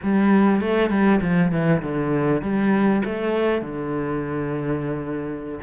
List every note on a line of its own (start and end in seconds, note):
0.02 0.60 G3
0.60 0.90 A3
0.90 1.20 G3
1.21 1.51 F3
1.51 1.82 E3
1.82 2.41 D3
2.41 3.02 G3
3.04 3.61 A3
3.61 5.58 D3